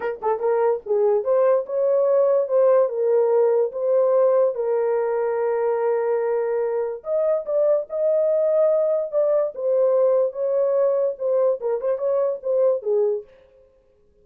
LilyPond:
\new Staff \with { instrumentName = "horn" } { \time 4/4 \tempo 4 = 145 ais'8 a'8 ais'4 gis'4 c''4 | cis''2 c''4 ais'4~ | ais'4 c''2 ais'4~ | ais'1~ |
ais'4 dis''4 d''4 dis''4~ | dis''2 d''4 c''4~ | c''4 cis''2 c''4 | ais'8 c''8 cis''4 c''4 gis'4 | }